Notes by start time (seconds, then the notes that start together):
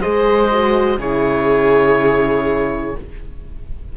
0.00 G#3 G#4 C5 D#5
0.52 F#4
0.98 C#3 E4 G#4 C#5